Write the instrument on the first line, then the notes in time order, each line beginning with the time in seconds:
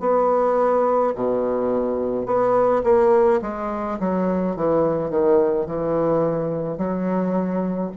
bassoon
0.00 B3
1.15 B2
2.25 B3
2.84 A#3
3.41 G#3
3.99 F#3
4.55 E3
5.10 D#3
5.66 E3
6.77 F#3